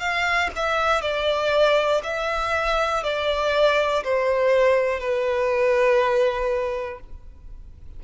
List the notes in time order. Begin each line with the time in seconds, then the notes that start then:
0.00 F5
0.56 E5
1.02 D5
2.04 E5
3.04 D5
4.05 C5
5.00 B4